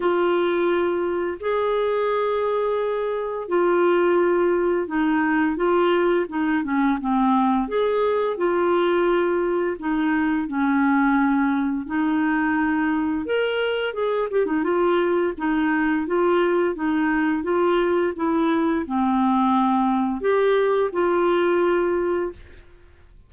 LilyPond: \new Staff \with { instrumentName = "clarinet" } { \time 4/4 \tempo 4 = 86 f'2 gis'2~ | gis'4 f'2 dis'4 | f'4 dis'8 cis'8 c'4 gis'4 | f'2 dis'4 cis'4~ |
cis'4 dis'2 ais'4 | gis'8 g'16 dis'16 f'4 dis'4 f'4 | dis'4 f'4 e'4 c'4~ | c'4 g'4 f'2 | }